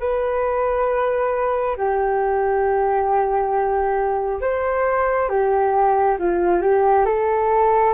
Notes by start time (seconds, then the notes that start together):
0.00 B4
1.77 G4
4.41 C5
5.29 G4
6.19 F4
6.61 G4
7.05 A4